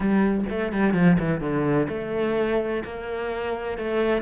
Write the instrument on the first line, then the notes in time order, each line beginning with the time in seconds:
cello
0.00 G3
0.49 A3
0.72 G3
0.93 F3
1.19 E3
1.40 D3
1.89 A3
2.84 A#3
3.78 A3